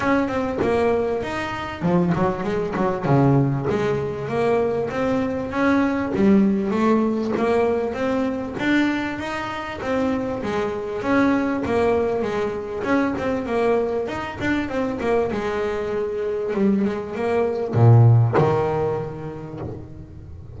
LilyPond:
\new Staff \with { instrumentName = "double bass" } { \time 4/4 \tempo 4 = 98 cis'8 c'8 ais4 dis'4 f8 fis8 | gis8 fis8 cis4 gis4 ais4 | c'4 cis'4 g4 a4 | ais4 c'4 d'4 dis'4 |
c'4 gis4 cis'4 ais4 | gis4 cis'8 c'8 ais4 dis'8 d'8 | c'8 ais8 gis2 g8 gis8 | ais4 ais,4 dis2 | }